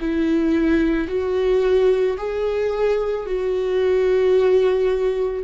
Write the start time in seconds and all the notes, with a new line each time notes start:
0.00 E4
1.08 F#4
2.17 G#4
3.26 F#4